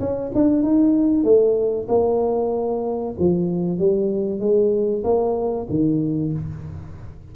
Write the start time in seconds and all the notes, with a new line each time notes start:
0.00 C#4
0.35 D4
0.63 D#4
1.24 A3
1.89 A#3
3.19 F3
3.79 G3
4.40 G#3
5.04 A#3
5.70 D#3